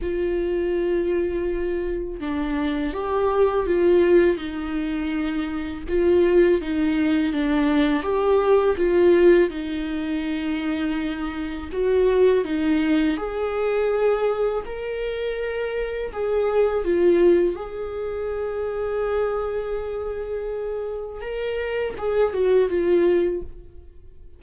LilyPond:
\new Staff \with { instrumentName = "viola" } { \time 4/4 \tempo 4 = 82 f'2. d'4 | g'4 f'4 dis'2 | f'4 dis'4 d'4 g'4 | f'4 dis'2. |
fis'4 dis'4 gis'2 | ais'2 gis'4 f'4 | gis'1~ | gis'4 ais'4 gis'8 fis'8 f'4 | }